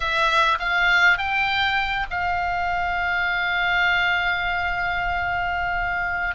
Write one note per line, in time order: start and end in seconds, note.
0.00 0.58 E5
0.59 1.18 F5
1.18 2.06 G5
2.10 6.35 F5